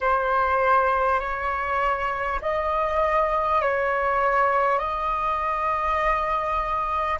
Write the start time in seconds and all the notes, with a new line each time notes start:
0.00 C5
1.19 C#5
2.41 D#5
3.61 C#5
4.78 D#5